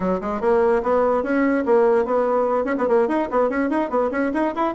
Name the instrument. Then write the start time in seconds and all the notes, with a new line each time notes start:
bassoon
0.00 F#3
0.20 G#3
0.40 A#3
0.82 B3
1.23 C#4
1.65 A#3
2.05 B3
2.65 C#4
2.78 B3
2.88 A#3
3.08 D#4
3.30 B3
3.49 C#4
3.70 D#4
3.89 B3
4.11 C#4
4.33 D#4
4.55 E4